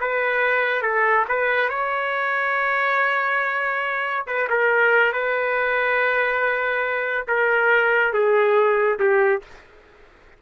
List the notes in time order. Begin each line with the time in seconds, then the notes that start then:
0.00 B4
0.82 A4
1.28 B4
1.69 C#5
4.27 B4
4.49 A#4
5.12 B4
7.27 A#4
8.13 G#4
8.99 G4